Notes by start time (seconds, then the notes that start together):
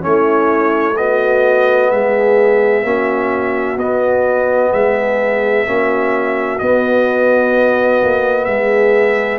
0.00 A3 C#4 E4 C#5
0.97 B3 F#4 D#5
1.91 G#3 G#4 E5
2.83 A#3 C#4 F#4
3.77 B3 D#5
4.73 G#3 G#4 E5
5.66 A#3 C#4 F#4
6.58 B3 D#5
8.04 A#3
8.45 G#3 G#4 E5